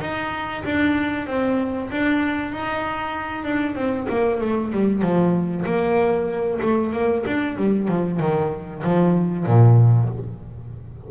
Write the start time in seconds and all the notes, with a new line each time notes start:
0.00 D#4
0.65 D4
1.27 C4
1.91 D4
2.51 D#4
3.44 D4
3.75 C4
4.09 A#3
4.40 A3
4.72 G3
5.02 F3
5.65 A#3
6.61 A3
6.92 A#3
7.26 D4
7.56 G3
7.88 F3
8.19 D#3
8.83 F3
9.46 A#2